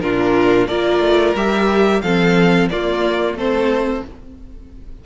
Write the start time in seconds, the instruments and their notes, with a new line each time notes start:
0.00 cello A#2, viola D4, violin F4 A#4
0.67 cello A#3, viola F4, violin A#4 D5
0.99 cello A3
1.34 cello G3, viola G4, violin E5
2.01 cello F3, viola C4, violin A4 F5
2.69 viola A#3, cello A#3, violin F4 D5
3.33 cello A3, viola C4, violin A4 C5